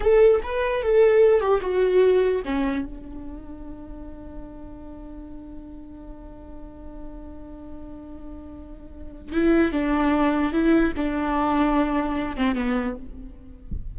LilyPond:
\new Staff \with { instrumentName = "viola" } { \time 4/4 \tempo 4 = 148 a'4 b'4 a'4. g'8 | fis'2 cis'4 d'4~ | d'1~ | d'1~ |
d'1~ | d'2. e'4 | d'2 e'4 d'4~ | d'2~ d'8 c'8 b4 | }